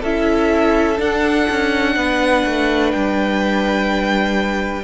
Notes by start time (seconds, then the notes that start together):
0.00 C#4 E4 A4 E5
0.97 D4 F#5
1.49 C#4
1.95 B3 B4
2.45 A3
2.91 G3 G5